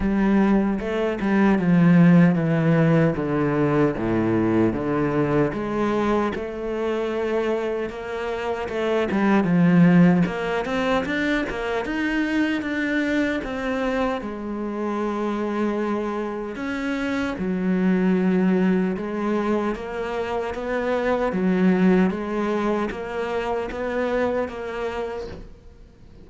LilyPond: \new Staff \with { instrumentName = "cello" } { \time 4/4 \tempo 4 = 76 g4 a8 g8 f4 e4 | d4 a,4 d4 gis4 | a2 ais4 a8 g8 | f4 ais8 c'8 d'8 ais8 dis'4 |
d'4 c'4 gis2~ | gis4 cis'4 fis2 | gis4 ais4 b4 fis4 | gis4 ais4 b4 ais4 | }